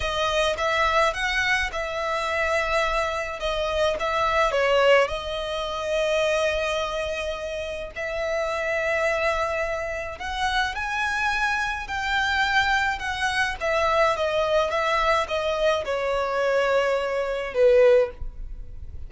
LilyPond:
\new Staff \with { instrumentName = "violin" } { \time 4/4 \tempo 4 = 106 dis''4 e''4 fis''4 e''4~ | e''2 dis''4 e''4 | cis''4 dis''2.~ | dis''2 e''2~ |
e''2 fis''4 gis''4~ | gis''4 g''2 fis''4 | e''4 dis''4 e''4 dis''4 | cis''2. b'4 | }